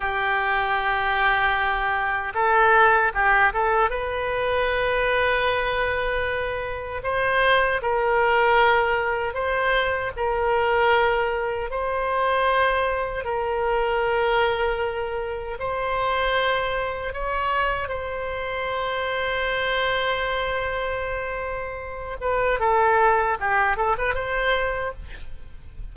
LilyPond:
\new Staff \with { instrumentName = "oboe" } { \time 4/4 \tempo 4 = 77 g'2. a'4 | g'8 a'8 b'2.~ | b'4 c''4 ais'2 | c''4 ais'2 c''4~ |
c''4 ais'2. | c''2 cis''4 c''4~ | c''1~ | c''8 b'8 a'4 g'8 a'16 b'16 c''4 | }